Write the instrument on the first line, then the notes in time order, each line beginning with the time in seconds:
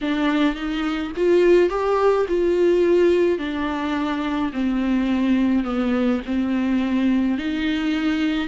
viola
0.01 D4
0.55 D#4
1.16 F4
1.69 G4
2.28 F4
3.38 D4
4.52 C4
5.64 B3
6.25 C4
7.37 D#4